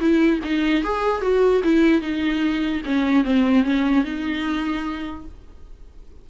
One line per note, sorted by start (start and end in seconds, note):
0.00 0.40 E4
0.44 0.84 D#4
0.84 1.22 G#4
1.22 1.62 F#4
1.64 2.02 E4
2.02 2.82 D#4
2.86 3.25 C#4
3.25 3.64 C4
3.64 4.05 C#4
4.05 5.26 D#4